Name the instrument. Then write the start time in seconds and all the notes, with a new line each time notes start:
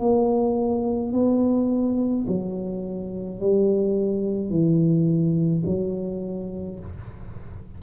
tuba
0.00 A#3
1.13 B3
2.27 F#3
3.40 G3
4.50 E3
5.66 F#3